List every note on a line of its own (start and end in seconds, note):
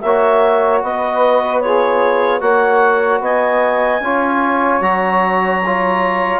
0.00 0.82 A#3
0.00 1.64 F#4
0.00 0.83 C#5
0.00 0.80 E5
0.82 2.41 B3
0.82 1.62 B4
0.82 1.60 D#5
1.60 2.41 F4
1.60 2.40 G#4
1.60 2.40 C#5
2.40 3.20 A#3
2.40 4.00 F#4
2.40 3.20 C#5
2.40 3.20 F#5
3.20 4.00 B3
3.20 4.02 D#5
3.20 4.81 G#5
4.00 4.80 C#4
4.00 4.81 F4
4.00 6.40 C#5
4.81 6.40 F#3
4.81 5.61 F#4
4.81 6.40 A#5
5.65 6.40 F4